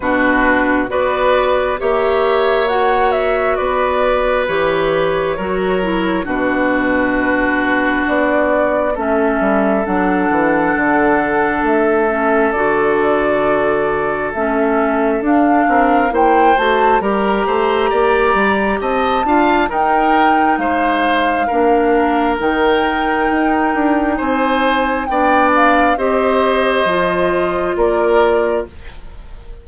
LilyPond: <<
  \new Staff \with { instrumentName = "flute" } { \time 4/4 \tempo 4 = 67 b'4 d''4 e''4 fis''8 e''8 | d''4 cis''2 b'4~ | b'4 d''4 e''4 fis''4~ | fis''4 e''4 d''2 |
e''4 f''4 g''8 a''8 ais''4~ | ais''4 a''4 g''4 f''4~ | f''4 g''2 gis''4 | g''8 f''8 dis''2 d''4 | }
  \new Staff \with { instrumentName = "oboe" } { \time 4/4 fis'4 b'4 cis''2 | b'2 ais'4 fis'4~ | fis'2 a'2~ | a'1~ |
a'4. ais'8 c''4 ais'8 c''8 | d''4 dis''8 f''8 ais'4 c''4 | ais'2. c''4 | d''4 c''2 ais'4 | }
  \new Staff \with { instrumentName = "clarinet" } { \time 4/4 d'4 fis'4 g'4 fis'4~ | fis'4 g'4 fis'8 e'8 d'4~ | d'2 cis'4 d'4~ | d'4. cis'8 fis'2 |
cis'4 d'4 e'8 fis'8 g'4~ | g'4. f'8 dis'2 | d'4 dis'2. | d'4 g'4 f'2 | }
  \new Staff \with { instrumentName = "bassoon" } { \time 4/4 b,4 b4 ais2 | b4 e4 fis4 b,4~ | b,4 b4 a8 g8 fis8 e8 | d4 a4 d2 |
a4 d'8 c'8 ais8 a8 g8 a8 | ais8 g8 c'8 d'8 dis'4 gis4 | ais4 dis4 dis'8 d'8 c'4 | b4 c'4 f4 ais4 | }
>>